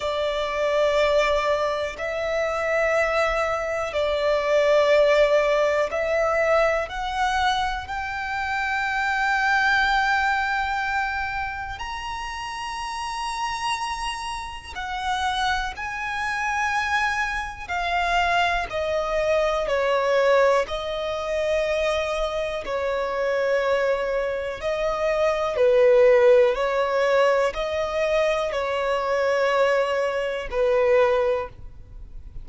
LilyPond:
\new Staff \with { instrumentName = "violin" } { \time 4/4 \tempo 4 = 61 d''2 e''2 | d''2 e''4 fis''4 | g''1 | ais''2. fis''4 |
gis''2 f''4 dis''4 | cis''4 dis''2 cis''4~ | cis''4 dis''4 b'4 cis''4 | dis''4 cis''2 b'4 | }